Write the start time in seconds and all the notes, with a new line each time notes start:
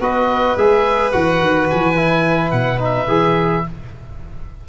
0.00 B3 F#4 B4 D#5
0.57 G#3 G#4 E5
1.11 E3 F#4 F#5
1.41 D#3
1.70 E3 G#5
1.95 E4
2.51 B2 F#5
2.79 D#4 E5
3.08 E3 G#4